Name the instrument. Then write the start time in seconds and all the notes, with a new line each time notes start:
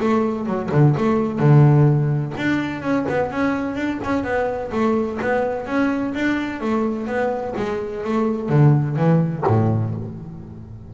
double bass
0.00 A3
0.46 F#3
0.72 D3
0.97 A3
1.39 D3
2.37 D4
2.82 C#4
3.09 B3
3.31 C#4
3.76 D4
4.04 C#4
4.23 B3
4.71 A3
5.22 B3
5.66 C#4
6.14 D4
6.61 A3
7.07 B3
7.57 G#3
8.04 A3
8.49 D3
8.96 E3
9.47 A2